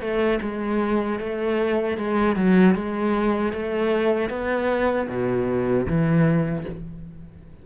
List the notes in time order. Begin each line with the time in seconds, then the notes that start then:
0.00 A3
0.41 G#3
1.19 A3
1.97 G#3
2.36 F#3
2.74 G#3
3.52 A3
4.29 B3
5.08 B2
5.87 E3